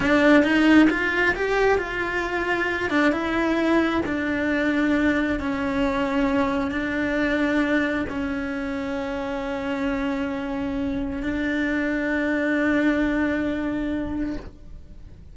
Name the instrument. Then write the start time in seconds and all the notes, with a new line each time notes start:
cello
0.00 D4
0.43 D#4
0.90 F4
1.35 G4
1.78 F4
2.90 D4
3.11 E4
4.05 D4
5.39 C#4
6.71 D4
8.09 C#4
11.23 D4